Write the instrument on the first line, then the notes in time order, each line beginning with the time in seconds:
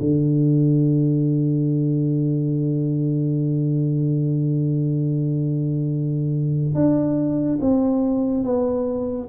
tuba
0.00 D3
6.75 D4
7.61 C4
8.44 B3